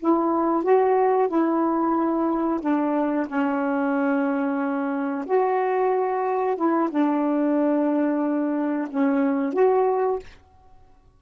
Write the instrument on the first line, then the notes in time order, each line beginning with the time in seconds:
saxophone
0.00 E4
0.64 F#4
1.29 E4
2.61 D4
3.28 C#4
5.26 F#4
6.56 E4
6.90 D4
8.90 C#4
9.53 F#4